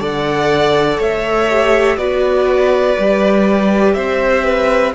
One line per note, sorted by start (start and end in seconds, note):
0.00 0.98 D3
0.00 1.48 A4
0.00 0.98 D5
0.00 1.02 F#5
0.98 1.97 A3
0.98 1.97 C#5
0.98 1.98 E5
1.50 1.99 G4
1.97 2.95 B3
1.97 2.97 F#4
1.97 3.95 B4
1.97 3.94 D5
2.99 3.96 G3
2.99 4.95 G4
3.94 4.94 C4
3.94 4.44 C5
3.94 4.92 E5
4.44 4.93 B4